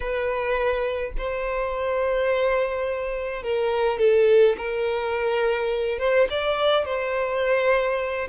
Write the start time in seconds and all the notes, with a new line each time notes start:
0.00 B4
1.17 C5
3.43 A#4
3.98 A4
4.57 A#4
5.98 C5
6.30 D5
6.85 C5